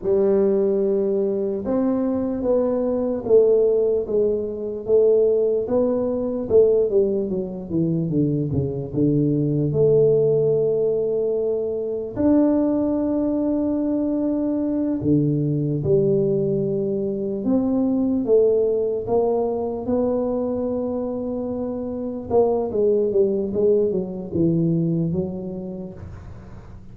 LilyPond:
\new Staff \with { instrumentName = "tuba" } { \time 4/4 \tempo 4 = 74 g2 c'4 b4 | a4 gis4 a4 b4 | a8 g8 fis8 e8 d8 cis8 d4 | a2. d'4~ |
d'2~ d'8 d4 g8~ | g4. c'4 a4 ais8~ | ais8 b2. ais8 | gis8 g8 gis8 fis8 e4 fis4 | }